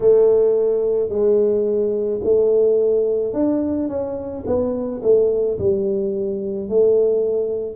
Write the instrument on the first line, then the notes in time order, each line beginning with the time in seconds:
tuba
0.00 A3
1.09 G#3
2.23 A3
3.33 D4
3.88 C#4
4.46 B3
5.03 A3
5.58 G3
6.68 A3